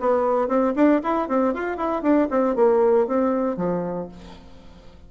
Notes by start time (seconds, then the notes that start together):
0.00 B3
0.48 C4
0.76 D4
1.03 E4
1.28 C4
1.54 F4
1.77 E4
2.02 D4
2.30 C4
2.56 A#3
3.07 C4
3.57 F3